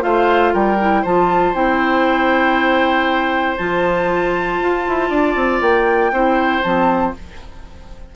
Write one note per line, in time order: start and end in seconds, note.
0.00 0.53 A3
0.00 0.76 F4
0.00 0.53 C5
0.00 0.53 F5
0.53 1.04 G3
0.53 1.01 A#4
0.53 1.04 G5
0.79 1.04 E4
1.01 1.54 F3
1.01 1.54 F4
1.01 5.08 C5
1.01 1.54 A5
1.54 3.57 C4
1.54 3.57 E4
1.54 3.57 G5
3.57 4.60 F3
3.57 6.12 F4
3.57 5.60 A5
4.60 4.85 F4
4.88 5.09 E4
5.09 5.35 D4
5.09 6.11 D5
5.35 5.60 C4
5.60 6.11 A#3
5.60 6.63 G5
6.11 6.62 C4
6.11 6.62 E4
6.11 7.14 C5
6.62 7.15 F3
6.62 7.13 C4
6.62 7.13 A5